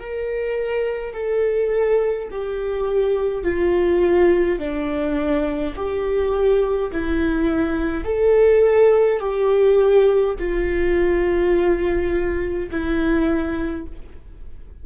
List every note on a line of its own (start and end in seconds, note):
0.00 1.14 A#4
1.14 2.29 A4
2.31 3.44 G4
3.44 4.59 F4
4.59 5.75 D4
5.76 6.92 G4
6.92 8.05 E4
8.05 9.20 A4
9.20 10.35 G4
10.40 12.70 F4
12.71 13.87 E4